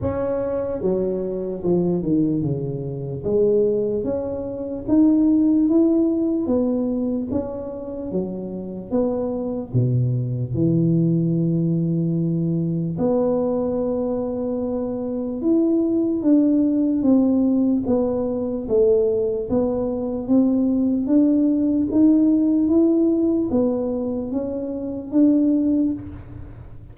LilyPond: \new Staff \with { instrumentName = "tuba" } { \time 4/4 \tempo 4 = 74 cis'4 fis4 f8 dis8 cis4 | gis4 cis'4 dis'4 e'4 | b4 cis'4 fis4 b4 | b,4 e2. |
b2. e'4 | d'4 c'4 b4 a4 | b4 c'4 d'4 dis'4 | e'4 b4 cis'4 d'4 | }